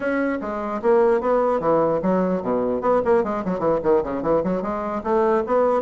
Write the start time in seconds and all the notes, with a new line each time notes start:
0.00 C#4
0.41 G#3
0.82 A#3
1.20 B3
1.60 E3
2.02 F#3
2.42 B2
2.81 B3
3.04 A#3
3.23 G#3
3.44 F#3
3.59 E3
3.83 D#3
4.03 C#3
4.22 E3
4.43 F#3
4.61 G#3
5.03 A3
5.46 B3